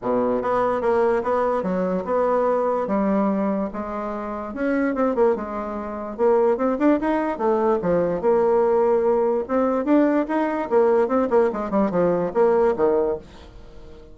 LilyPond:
\new Staff \with { instrumentName = "bassoon" } { \time 4/4 \tempo 4 = 146 b,4 b4 ais4 b4 | fis4 b2 g4~ | g4 gis2 cis'4 | c'8 ais8 gis2 ais4 |
c'8 d'8 dis'4 a4 f4 | ais2. c'4 | d'4 dis'4 ais4 c'8 ais8 | gis8 g8 f4 ais4 dis4 | }